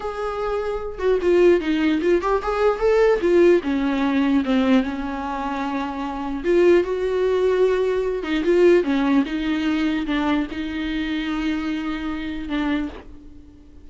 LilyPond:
\new Staff \with { instrumentName = "viola" } { \time 4/4 \tempo 4 = 149 gis'2~ gis'8 fis'8 f'4 | dis'4 f'8 g'8 gis'4 a'4 | f'4 cis'2 c'4 | cis'1 |
f'4 fis'2.~ | fis'8 dis'8 f'4 cis'4 dis'4~ | dis'4 d'4 dis'2~ | dis'2. d'4 | }